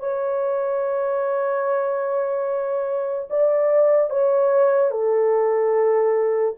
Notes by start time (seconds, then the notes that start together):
0.00 C#5
3.31 D5
4.11 C#5
4.91 A4